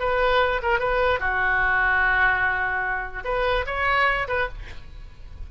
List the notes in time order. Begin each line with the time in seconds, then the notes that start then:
0.00 B4
0.63 A#4
0.80 B4
1.20 F#4
3.25 B4
3.67 C#5
4.28 B4